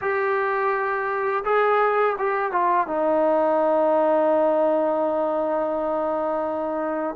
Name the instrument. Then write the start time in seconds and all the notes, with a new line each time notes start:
trombone
0.01 G4
1.44 G#4
2.18 G4
2.52 F4
2.87 D#4